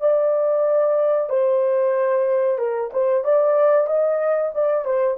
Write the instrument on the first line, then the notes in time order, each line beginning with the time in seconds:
horn
0.00 D5
1.29 C5
2.58 A#4
2.93 C5
3.24 D5
3.87 D#5
4.54 D5
4.85 C5